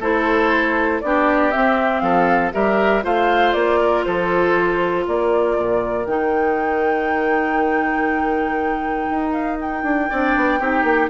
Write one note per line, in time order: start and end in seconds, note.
0.00 1.01 A3
0.00 1.02 E4
0.00 1.01 A4
0.00 1.01 C5
1.01 1.54 B3
1.01 1.52 D4
1.01 2.02 G4
1.01 1.51 D5
1.51 2.52 C4
1.51 2.02 C4
1.51 1.99 E5
1.99 2.52 F3
1.99 2.53 A4
1.99 2.50 F5
2.52 3.04 G3
2.52 3.02 G4
2.52 3.04 A#4
2.52 3.03 E5
3.02 3.54 A3
3.02 6.05 F4
3.02 3.80 C5
3.02 3.52 F5
3.52 4.04 A#3
3.52 4.03 D5
3.80 4.05 A#4
4.04 5.07 F3
4.04 5.06 A4
4.04 5.05 C5
5.06 5.57 A#3
5.06 10.09 A#4
5.06 6.05 D5
5.57 6.06 A#2
6.05 9.08 D#3
6.05 10.11 D#4
6.05 9.32 G5
9.10 9.83 D#4
9.32 9.58 F5
9.61 11.10 G5
9.83 10.08 D4
10.09 10.36 C4
10.09 10.60 D4
10.09 10.59 D5
10.36 10.60 B3
10.59 10.83 C4
10.59 11.10 D#4
10.59 11.10 G4
10.83 11.08 A#3